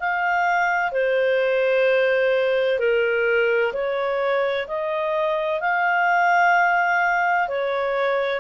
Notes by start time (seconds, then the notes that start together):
0.00 F5
0.92 C5
2.79 A#4
3.73 C#5
4.67 D#5
5.61 F5
7.48 C#5